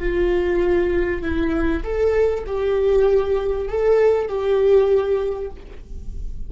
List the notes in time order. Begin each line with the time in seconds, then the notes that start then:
0.00 F4
1.22 E4
1.84 A4
2.47 G4
3.69 A4
4.29 G4